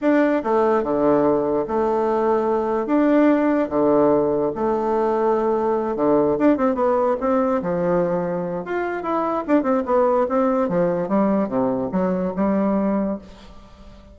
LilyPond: \new Staff \with { instrumentName = "bassoon" } { \time 4/4 \tempo 4 = 146 d'4 a4 d2 | a2. d'4~ | d'4 d2 a4~ | a2~ a8 d4 d'8 |
c'8 b4 c'4 f4.~ | f4 f'4 e'4 d'8 c'8 | b4 c'4 f4 g4 | c4 fis4 g2 | }